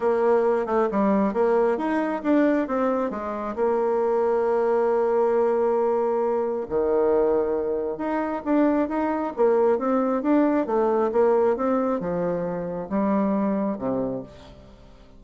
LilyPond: \new Staff \with { instrumentName = "bassoon" } { \time 4/4 \tempo 4 = 135 ais4. a8 g4 ais4 | dis'4 d'4 c'4 gis4 | ais1~ | ais2. dis4~ |
dis2 dis'4 d'4 | dis'4 ais4 c'4 d'4 | a4 ais4 c'4 f4~ | f4 g2 c4 | }